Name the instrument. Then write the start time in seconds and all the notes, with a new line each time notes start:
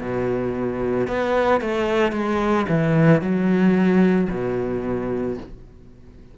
cello
0.00 B2
1.07 B3
1.61 A3
2.12 G#3
2.68 E3
3.21 F#3
4.30 B2